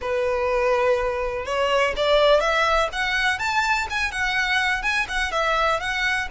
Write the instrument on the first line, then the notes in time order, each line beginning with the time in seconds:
violin
0.01 B4
1.45 C#5
1.96 D5
2.40 E5
2.92 F#5
3.38 A5
3.90 G#5
4.11 F#5
4.82 G#5
5.08 F#5
5.31 E5
5.80 F#5